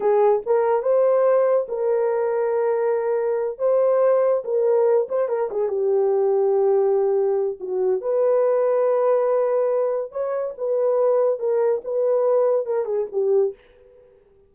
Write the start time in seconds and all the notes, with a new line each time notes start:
0.00 G#4
0.46 A#4
0.82 C5
1.68 A#4
3.58 C5
4.44 A#4
5.09 C5
5.28 A#4
5.50 G#4
5.68 G4
7.59 F#4
8.01 B4
10.11 C#5
10.57 B4
11.39 A#4
11.84 B4
12.66 A#4
12.85 G#4
13.12 G4